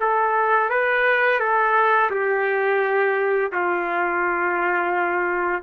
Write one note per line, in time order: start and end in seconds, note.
0.00 0.70 A4
0.70 1.40 B4
1.40 2.10 A4
2.10 3.52 G4
3.52 5.63 F4